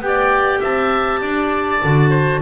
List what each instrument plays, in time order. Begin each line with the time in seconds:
0.00 double bass B3, clarinet G4 G5
0.07 oboe D5
0.59 double bass C4, oboe E5, clarinet A5
1.21 double bass D4, oboe D5
1.83 double bass D3, clarinet F#4
2.09 oboe C5